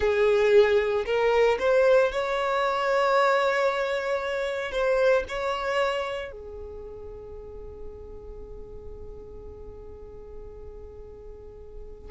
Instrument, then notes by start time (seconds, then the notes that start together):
violin
0.00 G#4
1.05 A#4
1.59 C5
2.11 C#5
4.71 C5
5.28 C#5
6.32 G#4